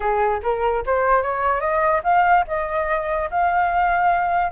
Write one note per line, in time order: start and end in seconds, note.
0.00 0.40 G#4
0.42 0.83 A#4
0.86 1.22 C5
1.22 1.60 C#5
1.60 2.01 D#5
2.03 2.45 F5
2.47 3.29 D#5
3.30 4.51 F5